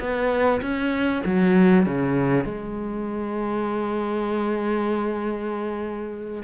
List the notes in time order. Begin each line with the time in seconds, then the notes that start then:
0.00 B3
0.62 C#4
1.26 F#3
1.86 C#3
2.45 G#3